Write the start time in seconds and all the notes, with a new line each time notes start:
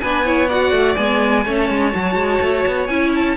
0.00 B3 D4 B4 G#5
0.25 E4 C#5
0.49 F#4 D5 F#5
0.71 A3
0.96 G#3 B3 G#5
1.45 A3 C#4 C#5
1.55 A5
1.70 G#3
1.92 F#3 F#4
2.15 G#3
2.41 A3
2.67 B3
2.87 C#4 E4 G#5
3.15 A5